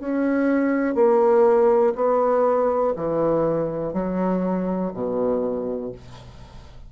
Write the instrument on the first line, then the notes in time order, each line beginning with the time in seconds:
bassoon
0.00 C#4
0.95 A#3
1.95 B3
2.96 E3
3.93 F#3
4.94 B2